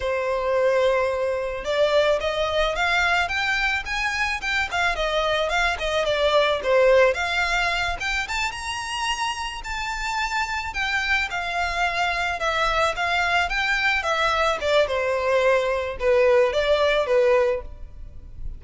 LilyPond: \new Staff \with { instrumentName = "violin" } { \time 4/4 \tempo 4 = 109 c''2. d''4 | dis''4 f''4 g''4 gis''4 | g''8 f''8 dis''4 f''8 dis''8 d''4 | c''4 f''4. g''8 a''8 ais''8~ |
ais''4. a''2 g''8~ | g''8 f''2 e''4 f''8~ | f''8 g''4 e''4 d''8 c''4~ | c''4 b'4 d''4 b'4 | }